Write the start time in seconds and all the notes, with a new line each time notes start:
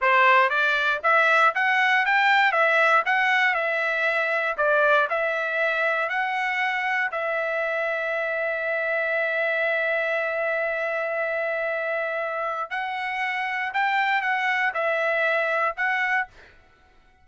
0.01 C5
0.49 D5
1.03 E5
1.54 F#5
2.05 G5
2.51 E5
3.05 F#5
3.54 E5
4.57 D5
5.09 E5
6.09 F#5
7.11 E5
12.70 F#5
13.73 G5
14.21 F#5
14.73 E5
15.77 F#5